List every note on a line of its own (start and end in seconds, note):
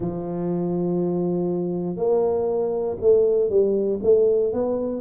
0.00 1.96 F3
1.96 2.96 A#3
3.00 3.49 A3
3.49 3.99 G3
4.03 4.52 A3
4.52 5.01 B3